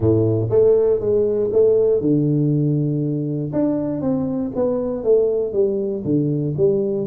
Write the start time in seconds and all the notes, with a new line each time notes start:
0.00 A2
0.50 A3
0.99 G#3
1.52 A3
2.01 D3
3.52 D4
4.01 C4
4.55 B3
5.03 A3
5.52 G3
6.04 D3
6.57 G3